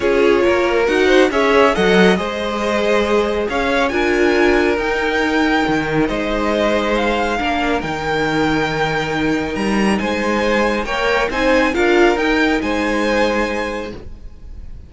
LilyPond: <<
  \new Staff \with { instrumentName = "violin" } { \time 4/4 \tempo 4 = 138 cis''2 fis''4 e''4 | fis''4 dis''2. | f''4 gis''2 g''4~ | g''2 dis''2 |
f''2 g''2~ | g''2 ais''4 gis''4~ | gis''4 g''4 gis''4 f''4 | g''4 gis''2. | }
  \new Staff \with { instrumentName = "violin" } { \time 4/4 gis'4 ais'4. c''8 cis''4 | dis''4 c''2. | cis''4 ais'2.~ | ais'2 c''2~ |
c''4 ais'2.~ | ais'2. c''4~ | c''4 cis''4 c''4 ais'4~ | ais'4 c''2. | }
  \new Staff \with { instrumentName = "viola" } { \time 4/4 f'2 fis'4 gis'4 | a'4 gis'2.~ | gis'4 f'2 dis'4~ | dis'1~ |
dis'4 d'4 dis'2~ | dis'1~ | dis'4 ais'4 dis'4 f'4 | dis'1 | }
  \new Staff \with { instrumentName = "cello" } { \time 4/4 cis'4 ais4 dis'4 cis'4 | fis4 gis2. | cis'4 d'2 dis'4~ | dis'4 dis4 gis2~ |
gis4 ais4 dis2~ | dis2 g4 gis4~ | gis4 ais4 c'4 d'4 | dis'4 gis2. | }
>>